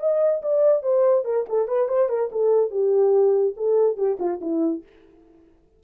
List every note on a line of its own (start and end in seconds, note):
0.00 0.42 D#5
0.42 0.83 D5
0.83 1.25 C5
1.25 1.46 A#4
1.49 1.68 A4
1.68 1.88 B4
1.88 2.09 C5
2.09 2.30 A#4
2.32 2.71 A4
2.71 3.55 G4
3.57 3.97 A4
3.97 4.18 G4
4.19 4.40 F4
4.41 4.83 E4